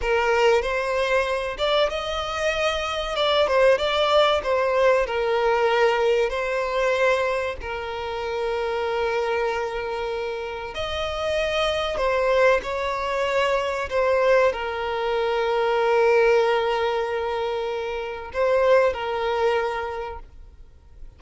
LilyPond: \new Staff \with { instrumentName = "violin" } { \time 4/4 \tempo 4 = 95 ais'4 c''4. d''8 dis''4~ | dis''4 d''8 c''8 d''4 c''4 | ais'2 c''2 | ais'1~ |
ais'4 dis''2 c''4 | cis''2 c''4 ais'4~ | ais'1~ | ais'4 c''4 ais'2 | }